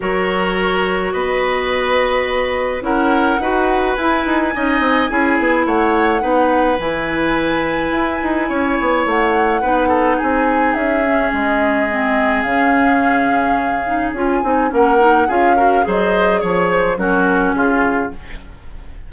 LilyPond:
<<
  \new Staff \with { instrumentName = "flute" } { \time 4/4 \tempo 4 = 106 cis''2 dis''2~ | dis''4 fis''2 gis''4~ | gis''2 fis''2 | gis''1 |
fis''2 gis''4 e''4 | dis''2 f''2~ | f''4 gis''4 fis''4 f''4 | dis''4 cis''8 c''8 ais'4 gis'4 | }
  \new Staff \with { instrumentName = "oboe" } { \time 4/4 ais'2 b'2~ | b'4 ais'4 b'2 | dis''4 gis'4 cis''4 b'4~ | b'2. cis''4~ |
cis''4 b'8 a'8 gis'2~ | gis'1~ | gis'2 ais'4 gis'8 ais'8 | c''4 cis''4 fis'4 f'4 | }
  \new Staff \with { instrumentName = "clarinet" } { \time 4/4 fis'1~ | fis'4 e'4 fis'4 e'4 | dis'4 e'2 dis'4 | e'1~ |
e'4 dis'2~ dis'8 cis'8~ | cis'4 c'4 cis'2~ | cis'8 dis'8 f'8 dis'8 cis'8 dis'8 f'8 fis'8 | gis'2 cis'2 | }
  \new Staff \with { instrumentName = "bassoon" } { \time 4/4 fis2 b2~ | b4 cis'4 dis'4 e'8 dis'8 | cis'8 c'8 cis'8 b8 a4 b4 | e2 e'8 dis'8 cis'8 b8 |
a4 b4 c'4 cis'4 | gis2 cis2~ | cis4 cis'8 c'8 ais4 cis'4 | fis4 f4 fis4 cis4 | }
>>